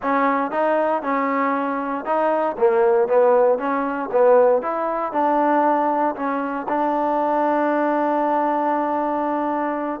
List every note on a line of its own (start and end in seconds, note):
0.02 0.51 C#4
0.51 1.02 D#4
1.02 2.05 C#4
2.05 2.56 D#4
2.58 3.08 A#3
3.08 3.58 B3
3.58 4.09 C#4
4.11 4.62 B3
4.62 5.12 E4
5.12 6.15 D4
6.15 6.67 C#4
6.68 10.00 D4